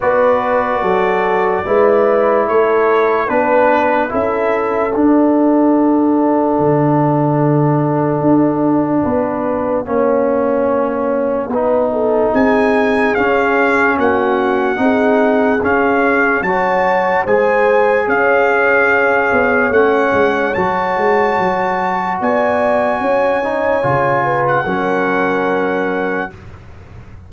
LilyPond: <<
  \new Staff \with { instrumentName = "trumpet" } { \time 4/4 \tempo 4 = 73 d''2. cis''4 | b'4 e''4 fis''2~ | fis''1~ | fis''2. gis''4 |
f''4 fis''2 f''4 | a''4 gis''4 f''2 | fis''4 a''2 gis''4~ | gis''4.~ gis''16 fis''2~ fis''16 | }
  \new Staff \with { instrumentName = "horn" } { \time 4/4 b'4 a'4 b'4 a'4 | b'4 a'2.~ | a'2. b'4 | cis''2 b'8 a'8 gis'4~ |
gis'4 fis'4 gis'2 | cis''4 c''4 cis''2~ | cis''2. d''4 | cis''4. b'8 ais'2 | }
  \new Staff \with { instrumentName = "trombone" } { \time 4/4 fis'2 e'2 | d'4 e'4 d'2~ | d'1 | cis'2 dis'2 |
cis'2 dis'4 cis'4 | fis'4 gis'2. | cis'4 fis'2.~ | fis'8 dis'8 f'4 cis'2 | }
  \new Staff \with { instrumentName = "tuba" } { \time 4/4 b4 fis4 gis4 a4 | b4 cis'4 d'2 | d2 d'4 b4 | ais2 b4 c'4 |
cis'4 ais4 c'4 cis'4 | fis4 gis4 cis'4. b8 | a8 gis8 fis8 gis8 fis4 b4 | cis'4 cis4 fis2 | }
>>